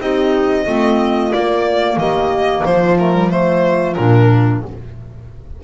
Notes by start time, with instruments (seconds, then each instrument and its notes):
0.00 double bass C4, clarinet D#4, horn G4, violin D#5
0.65 double bass A3, clarinet C4, horn F4
1.32 clarinet A#3, double bass A#3, violin D5
1.97 double bass D#3, horn G4, violin D#5
2.64 double bass F3, horn F4, violin C5
2.98 clarinet A3, violin A#4
3.13 clarinet G3
3.30 clarinet A3, violin C5
3.94 double bass A#2, clarinet D4, violin A#4